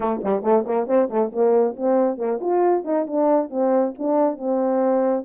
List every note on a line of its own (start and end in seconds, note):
0.00 0.21 A3
0.23 0.42 G3
0.42 0.64 A3
0.65 0.87 A#3
0.87 1.09 C4
1.09 1.31 A3
1.32 1.76 A#3
1.76 2.17 C4
2.17 2.39 A#3
2.40 2.84 F4
2.84 3.06 D#4
3.06 3.50 D4
3.50 3.93 C4
3.98 4.37 D4
4.37 5.24 C4